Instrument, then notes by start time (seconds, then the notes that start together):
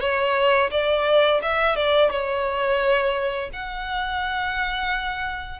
violin
0.00 C#5
0.71 D5
1.42 E5
1.75 D5
2.11 C#5
3.53 F#5